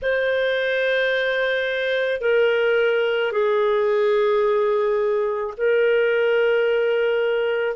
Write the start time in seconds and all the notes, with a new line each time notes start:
0.02 C5
2.20 A#4
3.31 G#4
5.57 A#4